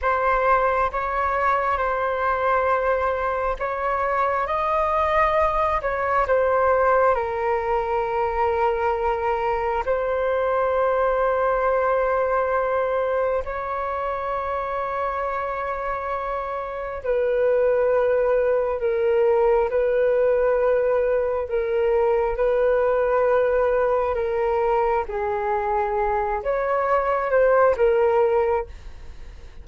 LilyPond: \new Staff \with { instrumentName = "flute" } { \time 4/4 \tempo 4 = 67 c''4 cis''4 c''2 | cis''4 dis''4. cis''8 c''4 | ais'2. c''4~ | c''2. cis''4~ |
cis''2. b'4~ | b'4 ais'4 b'2 | ais'4 b'2 ais'4 | gis'4. cis''4 c''8 ais'4 | }